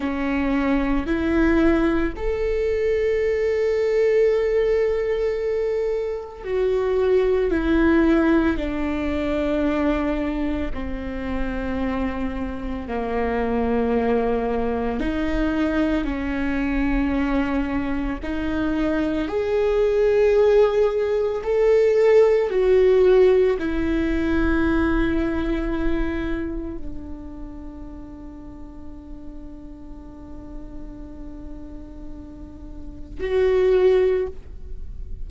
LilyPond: \new Staff \with { instrumentName = "viola" } { \time 4/4 \tempo 4 = 56 cis'4 e'4 a'2~ | a'2 fis'4 e'4 | d'2 c'2 | ais2 dis'4 cis'4~ |
cis'4 dis'4 gis'2 | a'4 fis'4 e'2~ | e'4 d'2.~ | d'2. fis'4 | }